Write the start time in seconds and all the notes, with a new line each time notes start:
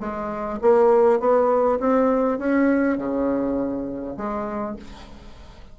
0.00 G#3
0.62 A#3
1.20 B3
1.80 C4
2.39 C#4
2.98 C#3
4.17 G#3